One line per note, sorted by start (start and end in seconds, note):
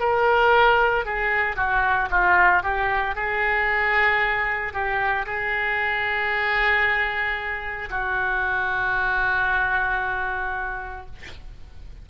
0.00 1.05 A#4
1.06 1.56 G#4
1.56 2.09 F#4
2.11 2.63 F4
2.63 3.16 G4
3.16 4.74 G#4
4.74 5.26 G4
5.26 7.89 G#4
7.90 11.06 F#4